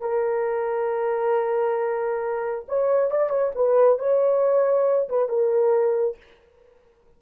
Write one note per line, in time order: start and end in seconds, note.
0.00 2.65 A#4
2.68 3.10 C#5
3.10 3.29 D5
3.29 3.51 C#5
3.55 3.98 B4
3.98 5.09 C#5
5.09 5.28 B4
5.28 6.17 A#4